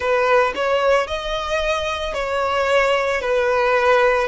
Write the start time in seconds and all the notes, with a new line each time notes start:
0.00 B4
0.55 C#5
1.07 D#5
2.14 C#5
3.21 B4